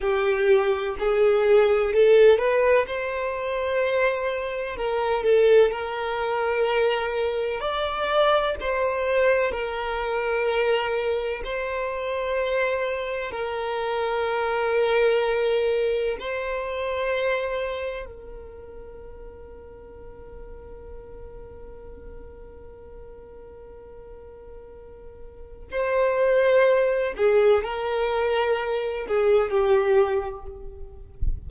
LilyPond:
\new Staff \with { instrumentName = "violin" } { \time 4/4 \tempo 4 = 63 g'4 gis'4 a'8 b'8 c''4~ | c''4 ais'8 a'8 ais'2 | d''4 c''4 ais'2 | c''2 ais'2~ |
ais'4 c''2 ais'4~ | ais'1~ | ais'2. c''4~ | c''8 gis'8 ais'4. gis'8 g'4 | }